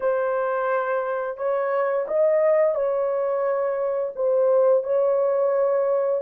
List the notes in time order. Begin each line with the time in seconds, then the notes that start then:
0.00 C5
1.37 C#5
2.07 D#5
2.74 C#5
4.15 C5
4.83 C#5